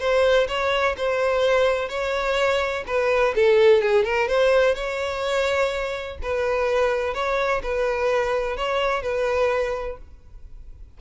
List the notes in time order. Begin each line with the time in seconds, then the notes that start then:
0.00 C5
0.48 C#5
0.98 C5
1.89 C#5
2.87 B4
3.36 A4
3.82 G#4
4.05 A#4
4.29 C5
4.75 C#5
6.23 B4
7.14 C#5
7.63 B4
8.57 C#5
9.03 B4